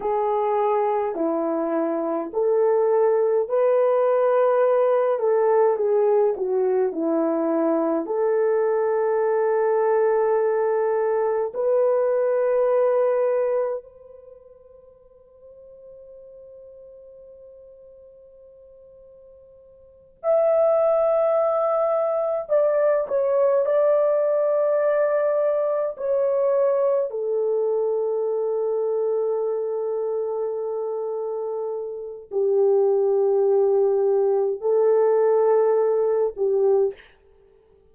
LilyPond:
\new Staff \with { instrumentName = "horn" } { \time 4/4 \tempo 4 = 52 gis'4 e'4 a'4 b'4~ | b'8 a'8 gis'8 fis'8 e'4 a'4~ | a'2 b'2 | c''1~ |
c''4. e''2 d''8 | cis''8 d''2 cis''4 a'8~ | a'1 | g'2 a'4. g'8 | }